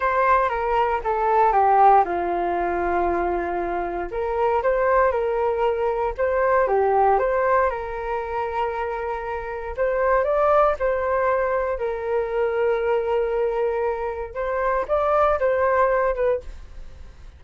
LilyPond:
\new Staff \with { instrumentName = "flute" } { \time 4/4 \tempo 4 = 117 c''4 ais'4 a'4 g'4 | f'1 | ais'4 c''4 ais'2 | c''4 g'4 c''4 ais'4~ |
ais'2. c''4 | d''4 c''2 ais'4~ | ais'1 | c''4 d''4 c''4. b'8 | }